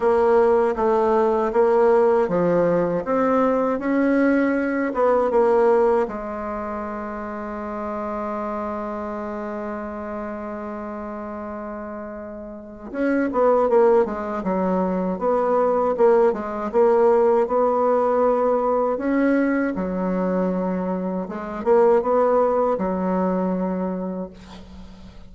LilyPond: \new Staff \with { instrumentName = "bassoon" } { \time 4/4 \tempo 4 = 79 ais4 a4 ais4 f4 | c'4 cis'4. b8 ais4 | gis1~ | gis1~ |
gis4 cis'8 b8 ais8 gis8 fis4 | b4 ais8 gis8 ais4 b4~ | b4 cis'4 fis2 | gis8 ais8 b4 fis2 | }